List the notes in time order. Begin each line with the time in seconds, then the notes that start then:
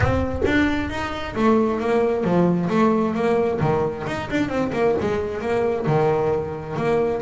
0.00 C4
0.45 D4
0.89 D#4
1.35 A3
1.80 A#3
2.23 F3
2.69 A3
3.15 A#3
3.60 D#3
4.06 D#4
4.30 D4
4.48 C4
4.72 A#3
5.00 G#3
5.40 A#3
5.86 D#3
6.76 A#3